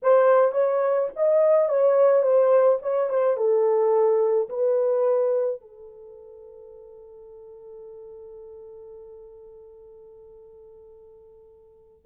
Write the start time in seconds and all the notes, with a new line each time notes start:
0.02 C5
0.52 C#5
1.15 D#5
1.68 C#5
2.22 C5
2.82 C#5
3.09 C5
3.36 A4
4.49 B4
5.60 A4